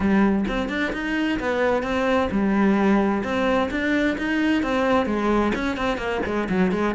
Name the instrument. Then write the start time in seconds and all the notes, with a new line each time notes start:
cello
0.00 G3
0.48 C4
0.69 D4
0.93 D#4
1.39 B3
1.82 C4
2.31 G3
3.23 C4
3.70 D4
4.17 D#4
4.63 C4
5.06 G#3
5.54 C#4
5.77 C4
5.97 A#3
6.25 G#3
6.49 F#3
6.71 G#3